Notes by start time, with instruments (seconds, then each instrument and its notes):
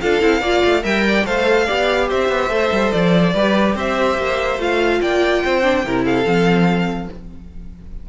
0.00 cello D4, viola F4, violin A4 F5
0.20 cello C4, viola E4
0.40 cello A#3, viola F4, violin D5
0.64 cello A3
0.82 cello G3, viola A#4, violin E5 G5
1.08 violin D5
1.25 cello A3, viola A4, violin C5 F5
1.65 cello B3, viola G4, violin D5
2.08 cello C4, violin C5 E5
2.28 cello B3
2.49 cello A3, viola A4
2.71 cello G3
2.91 cello F3, violin D5
3.33 cello G3, viola G4, violin B4
3.75 cello C4, violin C5 E5
4.17 cello A#3
4.58 cello A3, viola F4, violin F5
5.01 cello A#3, violin D5 G5
5.43 cello C4, violin C5
5.62 viola D4
5.84 cello C3, viola E4, violin A#4
6.05 violin A4 F5
6.24 cello F3, viola C4